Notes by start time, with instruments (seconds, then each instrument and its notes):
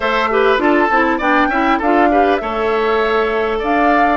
0.00 bassoon A3, clarinet A4, oboe C5, flute E5
0.30 clarinet G4, oboe B4
0.58 bassoon D4, clarinet F4, oboe A4, flute A5
0.90 bassoon C4, clarinet E4
1.18 bassoon B3, clarinet D4, oboe D5, flute G5
1.48 bassoon C#4, clarinet E4, oboe E5
1.78 bassoon D4, clarinet F4, oboe A4, flute F5
2.11 clarinet G4, oboe B4
2.36 bassoon A3, clarinet A4, oboe C#5, flute E5
3.58 bassoon D4, oboe D5, flute F5